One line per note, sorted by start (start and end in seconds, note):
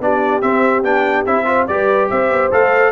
0.00 0.42 B3
0.00 0.42 D4
0.00 1.47 G4
0.00 0.42 D5
0.42 0.84 C4
0.42 0.83 E5
0.84 1.26 B3
0.84 1.26 D4
0.84 1.26 G5
1.26 1.68 C4
1.26 1.46 E4
1.26 1.67 E5
1.46 1.66 F4
1.46 1.68 C5
1.67 2.10 G3
1.67 2.51 G4
1.67 2.10 B4
1.67 2.09 D5
2.10 2.31 C4
2.10 2.92 C5
2.10 2.52 E5
2.31 2.52 B3
2.51 2.92 A3
2.51 2.92 A4
2.51 2.92 F5